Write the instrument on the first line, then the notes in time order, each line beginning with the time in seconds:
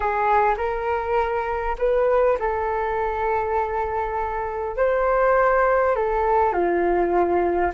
flute
0.00 G#4
0.57 A#4
1.78 B4
2.39 A4
4.76 C5
5.95 A4
6.52 F4